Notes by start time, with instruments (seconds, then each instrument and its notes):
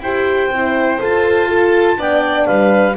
0.00 double bass E4, horn G4, violin C5, clarinet G5
0.50 double bass C4, horn E4
0.99 double bass F4, horn A4, clarinet A5
1.48 horn F4, violin A4
1.97 double bass B3, horn D4, violin D5, clarinet G5
2.46 double bass G3, violin B4, clarinet F5